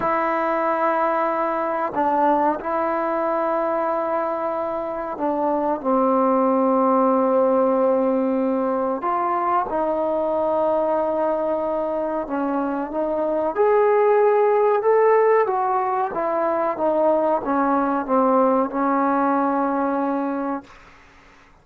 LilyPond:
\new Staff \with { instrumentName = "trombone" } { \time 4/4 \tempo 4 = 93 e'2. d'4 | e'1 | d'4 c'2.~ | c'2 f'4 dis'4~ |
dis'2. cis'4 | dis'4 gis'2 a'4 | fis'4 e'4 dis'4 cis'4 | c'4 cis'2. | }